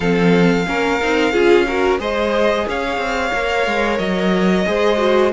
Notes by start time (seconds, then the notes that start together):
0.00 F3 C4 A4 F5
0.66 A#3 C#4 A#4
1.02 C4 D#4
1.32 C#4 F4 G#4
1.67 F#4 A#4
1.98 G#3 G#4 C5 D#5
2.67 C#4 C#5 F5
2.97 C4
3.33 A#3 A#4
3.66 G#3
3.98 F#3 D#5
4.66 G#3 G#4 C5
4.97 F#4